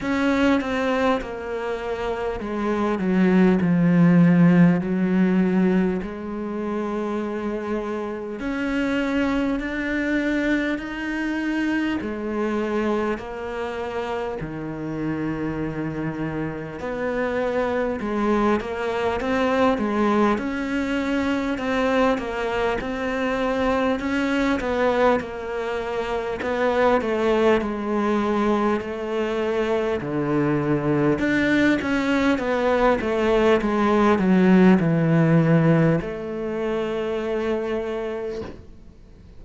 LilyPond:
\new Staff \with { instrumentName = "cello" } { \time 4/4 \tempo 4 = 50 cis'8 c'8 ais4 gis8 fis8 f4 | fis4 gis2 cis'4 | d'4 dis'4 gis4 ais4 | dis2 b4 gis8 ais8 |
c'8 gis8 cis'4 c'8 ais8 c'4 | cis'8 b8 ais4 b8 a8 gis4 | a4 d4 d'8 cis'8 b8 a8 | gis8 fis8 e4 a2 | }